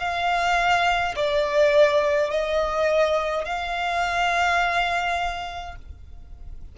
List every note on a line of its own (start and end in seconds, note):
0.00 1.15 F5
1.15 2.31 D5
2.31 3.45 D#5
3.45 5.76 F5